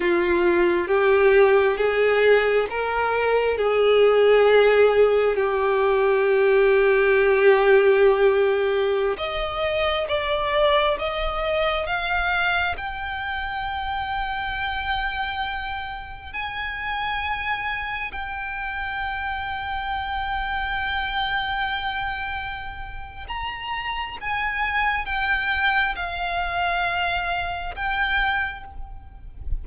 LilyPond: \new Staff \with { instrumentName = "violin" } { \time 4/4 \tempo 4 = 67 f'4 g'4 gis'4 ais'4 | gis'2 g'2~ | g'2~ g'16 dis''4 d''8.~ | d''16 dis''4 f''4 g''4.~ g''16~ |
g''2~ g''16 gis''4.~ gis''16~ | gis''16 g''2.~ g''8.~ | g''2 ais''4 gis''4 | g''4 f''2 g''4 | }